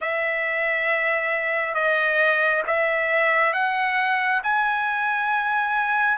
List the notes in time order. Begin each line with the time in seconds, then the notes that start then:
0.01 E5
1.74 D#5
2.67 E5
3.53 F#5
4.43 G#5